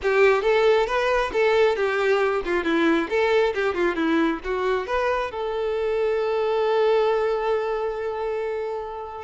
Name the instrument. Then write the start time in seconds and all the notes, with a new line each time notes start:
violin
0.02 G4
0.42 A4
0.86 B4
1.33 A4
1.75 G4
2.44 F4
2.64 E4
3.09 A4
3.54 G4
3.74 F4
3.95 E4
4.44 F#4
4.86 B4
5.31 A4